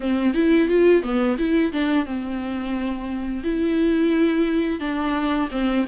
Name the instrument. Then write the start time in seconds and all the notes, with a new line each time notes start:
viola
0.00 C4
0.34 E4
0.68 F4
1.02 B3
1.38 E4
1.72 D4
2.05 C4
3.43 E4
4.80 D4
5.51 C4